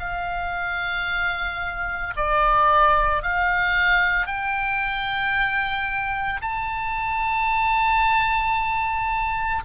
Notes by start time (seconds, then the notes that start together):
0.00 F5
2.17 D5
3.23 F5
4.27 G5
6.42 A5